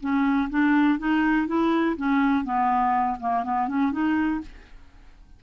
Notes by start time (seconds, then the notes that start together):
0.00 C#4
0.50 D4
0.98 D#4
1.47 E4
1.96 C#4
2.44 B3
3.20 A#3
3.43 B3
3.68 C#4
3.92 D#4